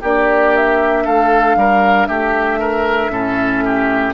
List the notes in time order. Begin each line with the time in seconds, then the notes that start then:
0.00 A#3 D4 G4 D5
0.56 E5
1.04 A3 A4 F5
1.56 G3 A#4
2.06 A3 G4 E5
2.59 A#4
3.09 A2 C#4 A4
3.65 G4